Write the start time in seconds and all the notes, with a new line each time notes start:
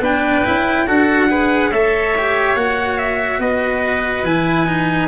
0.00 B3 D4 B4 G5
0.45 C#4 E4
0.86 D4 F#4 A4 F#5
1.30 G#4 B4
1.70 A3 A4 C#5 E5
2.18 G4
2.55 A#3 F#4 F#5
2.98 E5
3.39 B3 B4 D#5
4.23 E3 E4 G#5
4.67 D#4